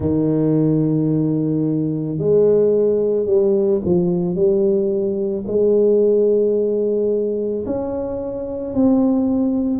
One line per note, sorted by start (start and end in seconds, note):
0.00 2.18 D#3
2.18 3.26 G#3
3.26 3.80 G3
3.84 4.35 F3
4.35 5.44 G3
5.47 7.65 G#3
7.66 8.73 C#4
8.73 9.79 C4